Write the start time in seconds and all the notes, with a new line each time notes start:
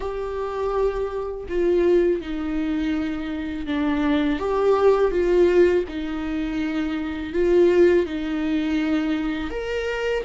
0.00 G4
1.48 F4
2.21 D#4
3.66 D4
4.39 G4
5.11 F4
5.88 D#4
7.33 F4
8.06 D#4
9.50 A#4